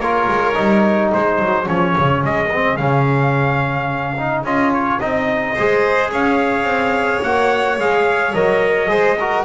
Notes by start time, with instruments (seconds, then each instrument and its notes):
0.00 double bass A#3, trombone F4, violin A#4, trumpet C#5
0.29 double bass G#3
0.55 double bass G3, trombone D#4
1.12 double bass G#3, violin G#4, trumpet C5
1.39 double bass F#3
1.66 double bass F3, trombone C#4, trumpet C#5
1.99 double bass C#3
2.24 double bass G#3, trumpet D#5
2.53 trombone C4
2.77 double bass C#3, trombone C#4, trumpet F5
4.19 trombone D#4
4.44 double bass C#4, trombone F4, trumpet D#5
4.73 trumpet C#5
5.00 double bass C4, trombone D#4, trumpet D#5
5.55 double bass G#3, trombone G#4, violin C5
6.12 double bass C#4, violin C#5, trumpet F5
6.64 double bass C4
7.23 double bass A#3, trombone F#4, trumpet F#5
7.78 double bass G#3, trombone G#4, trumpet F5
8.34 double bass F#3, trombone A#4, trumpet D#5
8.88 double bass G#3, trombone G#4, violin C5
9.20 trombone F#4, violin A#4